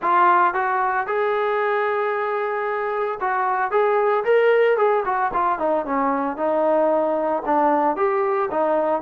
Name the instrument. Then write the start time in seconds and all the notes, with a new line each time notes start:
trombone
0.01 F4
0.54 F#4
1.06 G#4
3.20 F#4
3.71 G#4
4.24 A#4
4.77 G#4
5.05 F#4
5.33 F4
5.58 D#4
5.85 C#4
6.36 D#4
7.45 D4
7.96 G4
8.51 D#4